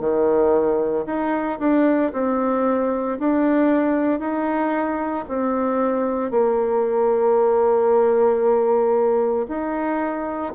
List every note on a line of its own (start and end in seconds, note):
0.00 1.05 D#3
1.06 1.59 D#4
1.59 2.11 D4
2.13 3.18 C4
3.19 4.19 D4
4.19 5.24 D#4
5.28 6.31 C4
6.31 9.46 A#3
9.48 10.53 D#4